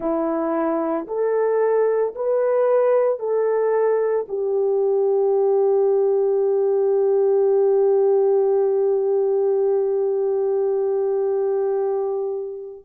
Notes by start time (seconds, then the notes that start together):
0.00 E4
1.07 A4
2.15 B4
3.19 A4
4.28 G4